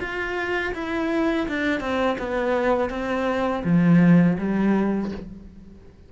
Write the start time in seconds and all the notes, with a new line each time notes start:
0.00 F4
0.74 E4
1.48 D4
1.80 C4
2.18 B3
2.89 C4
3.64 F3
4.38 G3